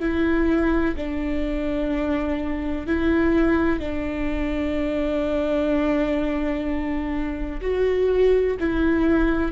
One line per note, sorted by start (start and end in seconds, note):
0.00 0.95 E4
0.97 2.87 D4
2.87 3.80 E4
3.80 7.61 D4
7.61 8.57 F#4
8.60 9.52 E4